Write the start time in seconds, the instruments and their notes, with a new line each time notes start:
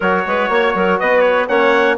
0.00 bassoon F#3, trombone F#4, clarinet A#4, trumpet C#5
0.25 bassoon G#3, clarinet B4
0.49 bassoon A#3, clarinet C#5
0.75 bassoon F#3, clarinet A#4
0.99 bassoon B3, clarinet B4, trumpet D#5
1.21 trumpet C#5
1.48 bassoon A#3, trombone C#4, clarinet C#5, trumpet F#5